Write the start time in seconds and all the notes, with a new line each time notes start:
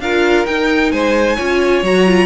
0.00 D4 F4 A#4 F5
0.46 D#4 G5
0.91 G#3 C5 G#5
1.36 C#4 F4 C#5
1.83 F#3 F#4 A#5
2.07 F4